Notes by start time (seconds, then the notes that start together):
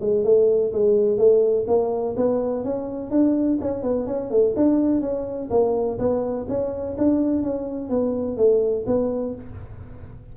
0.00 G#3
0.24 A3
0.73 G#3
1.18 A3
1.67 A#3
2.16 B3
2.64 C#4
3.10 D4
3.61 C#4
3.82 B3
4.06 C#4
4.30 A3
4.56 D4
5.01 C#4
5.50 A#3
5.98 B3
6.48 C#4
6.98 D4
7.42 C#4
7.89 B3
8.37 A3
8.87 B3